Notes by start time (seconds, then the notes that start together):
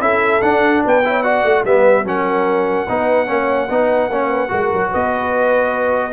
0.00 C#4 E4 A4 E5
0.41 D4 F#5
0.84 B3 B4 G5
1.04 E4 C#5
1.23 F#4 D5 F#5
1.43 A3
1.64 G3 B3 B4 E5
2.03 F#3 C#4 A#4 F#5
2.89 B3 D#4 B4
3.27 A#3 C#4 C#5
3.69 B3 D#4 B4
4.09 A#3 C#4 C#5
4.28 B4
4.48 G#3 F#4 A#4
4.72 F#3
4.90 B3 B4 D#5